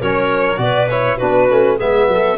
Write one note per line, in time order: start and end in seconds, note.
0.00 0.58 F#3
0.00 0.58 C#4
0.00 0.59 A#4
0.00 0.60 C#5
0.58 1.18 B2
0.58 0.87 F#4
0.58 1.18 B4
0.58 0.89 D5
0.90 1.21 E4
0.90 1.18 C#5
1.18 1.51 B3
1.18 1.49 D4
1.18 1.76 F#4
1.18 1.78 B4
1.49 1.81 A3
1.49 1.79 C#4
1.76 2.08 G#3
1.76 2.38 B3
1.76 2.06 G#4
1.76 2.38 E5
2.08 2.38 F#3
2.08 2.38 A4